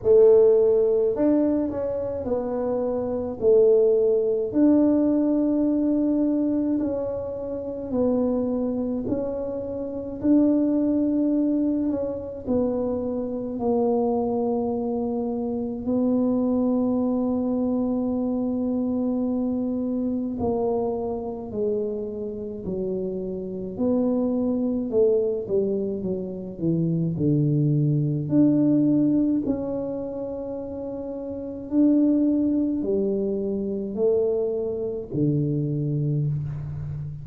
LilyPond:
\new Staff \with { instrumentName = "tuba" } { \time 4/4 \tempo 4 = 53 a4 d'8 cis'8 b4 a4 | d'2 cis'4 b4 | cis'4 d'4. cis'8 b4 | ais2 b2~ |
b2 ais4 gis4 | fis4 b4 a8 g8 fis8 e8 | d4 d'4 cis'2 | d'4 g4 a4 d4 | }